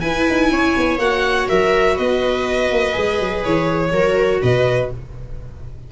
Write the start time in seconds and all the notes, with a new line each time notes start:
0.00 E4 B4 G#5
0.29 D#4
0.51 C#4 C#5
0.77 B3
0.98 A#3 F#4 F#5
1.48 F#3 A#4 E5
1.96 B3 B4 D#5
2.71 A#3
2.93 G#3 G#4
3.19 F#3
3.44 E3 C#5
3.92 F#3 F#4 A#4
4.41 B2 B4 D#5